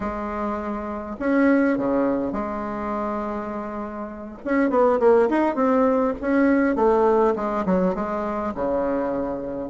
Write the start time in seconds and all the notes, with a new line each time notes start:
0.00 G#3
1.19 C#4
1.77 C#3
2.32 G#3
4.44 C#4
4.70 B3
4.99 A#3
5.29 D#4
5.55 C4
6.21 C#4
6.75 A3
7.35 G#3
7.65 F#3
7.94 G#3
8.54 C#3